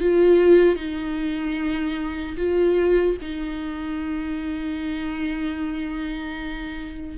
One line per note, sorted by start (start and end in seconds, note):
0.00 0.76 F4
0.76 2.36 D#4
2.37 3.17 F4
3.21 7.17 D#4